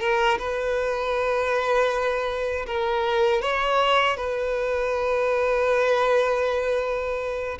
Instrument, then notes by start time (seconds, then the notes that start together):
violin
0.00 A#4
0.38 B4
2.66 A#4
3.42 C#5
4.17 B4